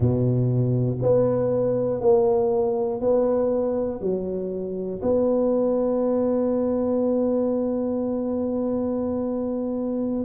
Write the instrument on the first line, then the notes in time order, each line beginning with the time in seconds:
tuba
0.00 B2
1.02 B3
2.00 A#3
3.00 B3
4.00 F#3
5.02 B3